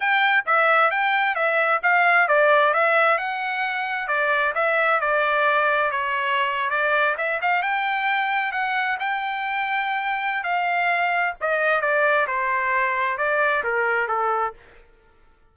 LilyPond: \new Staff \with { instrumentName = "trumpet" } { \time 4/4 \tempo 4 = 132 g''4 e''4 g''4 e''4 | f''4 d''4 e''4 fis''4~ | fis''4 d''4 e''4 d''4~ | d''4 cis''4.~ cis''16 d''4 e''16~ |
e''16 f''8 g''2 fis''4 g''16~ | g''2. f''4~ | f''4 dis''4 d''4 c''4~ | c''4 d''4 ais'4 a'4 | }